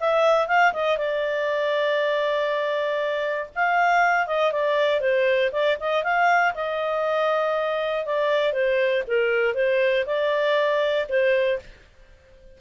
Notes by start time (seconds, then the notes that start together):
0.00 E5
0.48 F5
0.73 D#5
0.98 D5
3.55 F5
4.27 D#5
4.52 D5
5.00 C5
5.52 D5
5.80 D#5
6.03 F5
6.54 D#5
8.06 D5
8.53 C5
9.07 A#4
9.55 C5
10.06 D5
11.09 C5